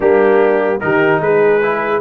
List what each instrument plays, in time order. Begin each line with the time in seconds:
0.00 tuba G3, trombone A#3, horn D4, trumpet G4
0.80 tuba D#3, trombone D#4, horn G4, trumpet A#4
1.20 tuba G#3, horn G#4, trumpet B4
1.62 trombone E4